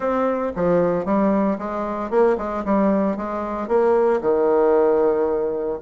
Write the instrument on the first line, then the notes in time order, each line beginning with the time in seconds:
bassoon
0.00 C4
0.55 F3
1.05 G3
1.58 G#3
2.10 A#3
2.37 G#3
2.65 G3
3.17 G#3
3.67 A#3
4.21 D#3